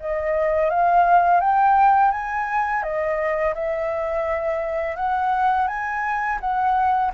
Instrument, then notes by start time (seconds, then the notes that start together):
flute
0.00 D#5
0.70 F5
1.41 G5
2.11 G#5
2.82 D#5
3.54 E5
4.96 F#5
5.67 G#5
6.41 F#5